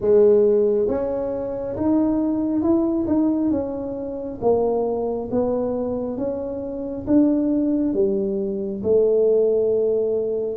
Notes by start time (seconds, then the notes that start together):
0.00 G#3
0.87 C#4
1.76 D#4
2.62 E4
3.07 D#4
3.51 C#4
4.41 A#3
5.31 B3
6.17 C#4
7.06 D4
7.93 G3
8.83 A3